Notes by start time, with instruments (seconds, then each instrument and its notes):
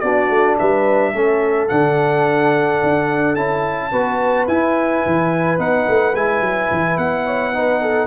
0.00 tuba B3, trombone D4, horn F#4, trumpet D5
0.30 tuba A3
0.58 tuba G3, horn B4, trumpet E5
1.13 tuba A3, trombone C#4, horn A4
1.69 tuba D3, trombone D4, trumpet F#5
2.83 tuba D4
3.35 tuba C#4, trombone E4, trumpet A5
3.91 tuba B3, trombone F#4, horn B4
4.48 tuba E4, trombone E4, trumpet G#5
5.06 tuba E3
5.58 tuba B3, trombone D#4, trumpet F#5
5.88 tuba A3
6.14 tuba G#3, trombone E4, trumpet G#5
6.41 tuba F#3
6.71 tuba E3
6.97 tuba B3, trumpet F#5
7.26 horn C#5
7.54 trombone D#4, horn B4
7.82 horn A4